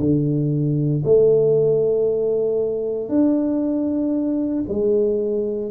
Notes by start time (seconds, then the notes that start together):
0.00 D3
1.05 A3
3.09 D4
4.68 G#3